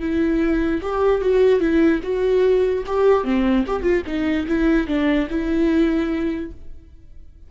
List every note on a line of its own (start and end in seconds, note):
0.00 0.81 E4
0.82 1.22 G4
1.22 1.60 F#4
1.60 2.00 E4
2.03 2.84 F#4
2.86 3.24 G4
3.24 3.65 C4
3.67 3.82 G4
3.82 4.03 F4
4.06 4.47 D#4
4.48 4.87 E4
4.87 5.28 D4
5.30 6.51 E4